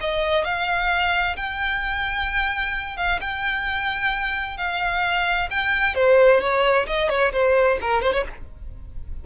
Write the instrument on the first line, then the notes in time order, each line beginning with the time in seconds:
violin
0.00 D#5
0.44 F5
1.36 G5
2.97 F5
3.21 G5
4.57 F5
5.50 G5
5.95 C5
6.41 C#5
6.86 D#5
7.09 C#5
7.32 C5
7.81 A#4
8.02 C5
8.13 C#5